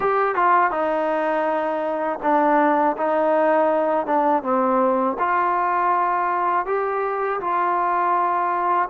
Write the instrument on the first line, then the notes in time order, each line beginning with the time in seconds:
trombone
0.00 G4
0.35 F4
0.70 D#4
2.22 D4
2.97 D#4
4.06 D4
4.42 C4
5.19 F4
6.66 G4
7.40 F4